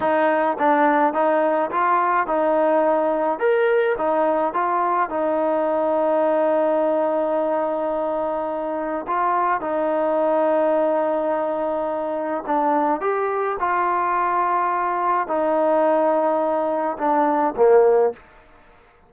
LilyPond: \new Staff \with { instrumentName = "trombone" } { \time 4/4 \tempo 4 = 106 dis'4 d'4 dis'4 f'4 | dis'2 ais'4 dis'4 | f'4 dis'2.~ | dis'1 |
f'4 dis'2.~ | dis'2 d'4 g'4 | f'2. dis'4~ | dis'2 d'4 ais4 | }